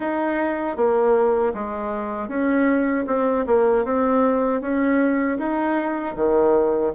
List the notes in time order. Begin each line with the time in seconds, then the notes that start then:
0.00 D#4
0.76 A#3
1.54 G#3
2.28 C#4
3.07 C4
3.46 A#3
3.84 C4
4.61 C#4
5.38 D#4
6.15 D#3